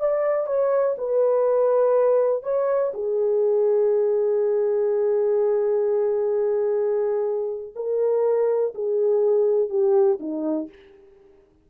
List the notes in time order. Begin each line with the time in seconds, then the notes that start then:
0.00 D5
0.47 C#5
0.98 B4
2.43 C#5
2.94 G#4
7.76 A#4
8.75 G#4
9.70 G4
10.20 D#4